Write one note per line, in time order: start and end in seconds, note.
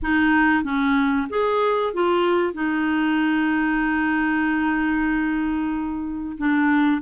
0.02 0.63 D#4
0.63 1.27 C#4
1.29 1.93 G#4
1.93 2.53 F4
2.53 6.36 D#4
6.37 7.01 D4